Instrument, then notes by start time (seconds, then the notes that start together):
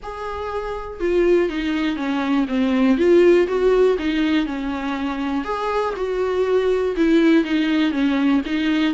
viola
0.02 G#4
1.00 F4
1.49 D#4
1.96 C#4
2.47 C4
2.97 F4
3.47 F#4
3.98 D#4
4.46 C#4
5.44 G#4
5.96 F#4
6.96 E4
7.44 D#4
7.91 C#4
8.45 D#4